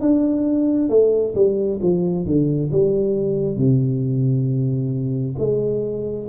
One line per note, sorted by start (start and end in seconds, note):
0.00 0.89 D4
0.89 1.34 A3
1.35 1.80 G3
1.82 2.26 F3
2.26 2.70 D3
2.72 3.56 G3
3.56 5.35 C3
5.38 6.28 G#3